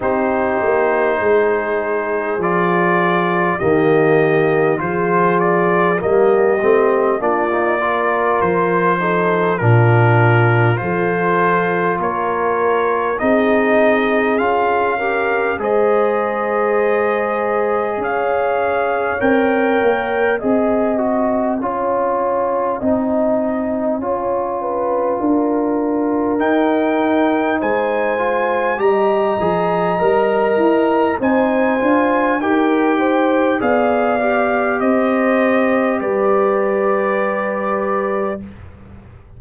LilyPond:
<<
  \new Staff \with { instrumentName = "trumpet" } { \time 4/4 \tempo 4 = 50 c''2 d''4 dis''4 | c''8 d''8 dis''4 d''4 c''4 | ais'4 c''4 cis''4 dis''4 | f''4 dis''2 f''4 |
g''4 gis''2.~ | gis''2 g''4 gis''4 | ais''2 gis''4 g''4 | f''4 dis''4 d''2 | }
  \new Staff \with { instrumentName = "horn" } { \time 4/4 g'4 gis'2 g'4 | gis'4 g'4 f'8 ais'4 a'8 | f'4 a'4 ais'4 gis'4~ | gis'8 ais'8 c''2 cis''4~ |
cis''4 dis''4 cis''4 dis''4 | cis''8 b'8 ais'2 c''4 | dis''2 c''4 ais'8 c''8 | d''4 c''4 b'2 | }
  \new Staff \with { instrumentName = "trombone" } { \time 4/4 dis'2 f'4 ais4 | f'4 ais8 c'8 d'16 dis'16 f'4 dis'8 | d'4 f'2 dis'4 | f'8 g'8 gis'2. |
ais'4 gis'8 fis'8 f'4 dis'4 | f'2 dis'4. f'8 | g'8 gis'8 ais'4 dis'8 f'8 g'4 | gis'8 g'2.~ g'8 | }
  \new Staff \with { instrumentName = "tuba" } { \time 4/4 c'8 ais8 gis4 f4 dis4 | f4 g8 a8 ais4 f4 | ais,4 f4 ais4 c'4 | cis'4 gis2 cis'4 |
c'8 ais8 c'4 cis'4 c'4 | cis'4 d'4 dis'4 gis4 | g8 f8 g8 e'8 c'8 d'8 dis'4 | b4 c'4 g2 | }
>>